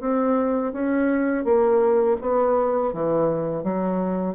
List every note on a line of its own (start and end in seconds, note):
0.00 0.72 C4
0.72 1.44 C#4
1.44 2.16 A#3
2.20 2.92 B3
2.92 3.63 E3
3.63 4.35 F#3